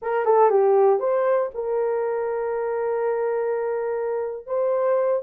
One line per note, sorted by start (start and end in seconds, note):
0.02 0.25 A#4
0.25 0.49 A4
0.49 0.99 G4
0.99 1.50 C5
1.54 4.46 A#4
4.46 5.22 C5